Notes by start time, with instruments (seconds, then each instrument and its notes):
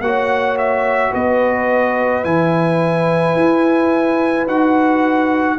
0.00 tuba A#3, trombone F#4, horn C#5, trumpet F#5
0.58 trumpet E5
1.11 tuba B3, horn B4, trumpet D#5
2.24 tuba E3, trombone E4, trumpet G#5
3.35 tuba E4
4.47 tuba D#4, trombone F#4, trumpet F#5